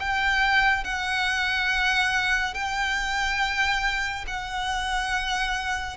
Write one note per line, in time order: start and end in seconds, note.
0.00 0.84 G5
0.84 2.54 F#5
2.54 4.25 G5
4.27 5.97 F#5